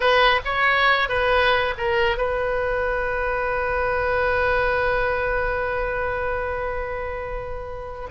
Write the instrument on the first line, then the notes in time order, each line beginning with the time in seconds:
oboe
0.00 B4
0.44 C#5
1.08 B4
1.77 A#4
2.17 B4